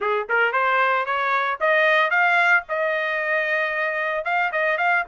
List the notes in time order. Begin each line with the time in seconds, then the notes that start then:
0.00 G#4
0.29 A#4
0.52 C5
1.05 C#5
1.60 D#5
2.10 F5
2.68 D#5
4.24 F5
4.51 D#5
4.77 F5